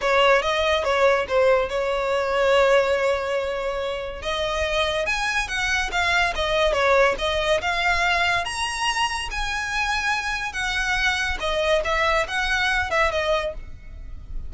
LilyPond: \new Staff \with { instrumentName = "violin" } { \time 4/4 \tempo 4 = 142 cis''4 dis''4 cis''4 c''4 | cis''1~ | cis''2 dis''2 | gis''4 fis''4 f''4 dis''4 |
cis''4 dis''4 f''2 | ais''2 gis''2~ | gis''4 fis''2 dis''4 | e''4 fis''4. e''8 dis''4 | }